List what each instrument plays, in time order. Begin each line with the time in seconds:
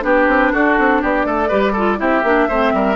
0.00 bassoon B3, clarinet D4, oboe G4, flute B4
0.28 bassoon C4
0.52 bassoon D4, oboe F#4, flute A4
0.78 bassoon C4
1.01 bassoon B3, oboe G4, flute D5
1.25 bassoon A3, oboe A4
1.48 bassoon G3, clarinet G4, oboe B4
1.72 clarinet F4, oboe A4
1.97 bassoon C4, clarinet E4, oboe G4, flute E5
2.23 bassoon A#3, clarinet D4
2.48 bassoon A3, clarinet C4, oboe C5
2.73 bassoon G3, oboe A#4